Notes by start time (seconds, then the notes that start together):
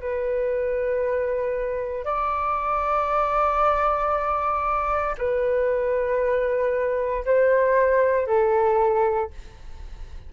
0.00 B4
2.05 D5
5.18 B4
7.26 C5
8.27 A4